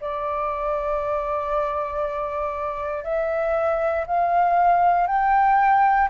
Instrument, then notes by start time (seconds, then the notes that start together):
flute
0.00 D5
3.03 E5
4.06 F5
5.07 G5